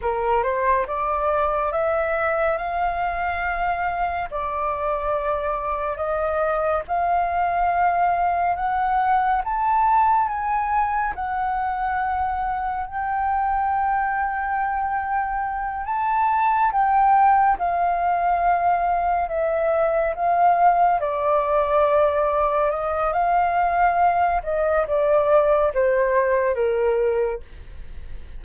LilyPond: \new Staff \with { instrumentName = "flute" } { \time 4/4 \tempo 4 = 70 ais'8 c''8 d''4 e''4 f''4~ | f''4 d''2 dis''4 | f''2 fis''4 a''4 | gis''4 fis''2 g''4~ |
g''2~ g''8 a''4 g''8~ | g''8 f''2 e''4 f''8~ | f''8 d''2 dis''8 f''4~ | f''8 dis''8 d''4 c''4 ais'4 | }